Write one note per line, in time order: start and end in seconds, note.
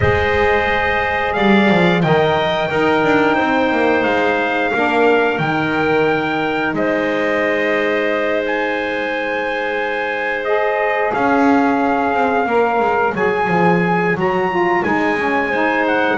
0.00 1.36 G#3
0.00 2.03 G#4
0.00 1.35 C5
0.00 1.33 D#5
1.33 1.69 G3
1.33 2.02 D5
1.33 2.00 F5
1.69 2.03 F3
2.02 2.70 D#3
2.02 2.70 A#4
2.02 2.69 D#5
2.02 4.03 G5
2.69 4.72 D#4
2.69 3.03 D#4
2.69 3.35 A#4
3.03 3.37 D4
3.35 3.71 C4
3.35 4.70 C5
3.71 4.04 A#3
4.03 4.71 G#3
4.03 5.38 F5
4.73 5.39 A#3
4.73 5.40 D4
4.73 6.75 A#4
5.38 6.73 D#3
5.38 10.45 D#4
5.38 6.73 G5
6.73 11.11 G#3
6.73 11.12 C5
6.73 8.43 D#5
8.46 10.44 G#5
10.44 12.46 G#4
10.44 11.12 D#5
11.12 12.13 C#4
11.12 15.49 C#5
11.12 13.15 F5
12.13 12.46 C4
12.46 12.79 A#3
12.46 13.13 A#4
12.79 13.13 G#3
13.14 13.47 F#3
13.14 14.16 G#4
13.14 14.16 G#5
13.47 14.15 F3
14.15 14.83 F#3
14.15 14.50 F#4
14.15 14.83 A#5
14.50 14.84 F4
14.83 16.18 G#3
14.83 15.17 D#4
14.83 15.84 G#5
15.17 15.50 C#4
15.49 16.18 D#4
15.49 16.16 C5
15.87 16.18 F#5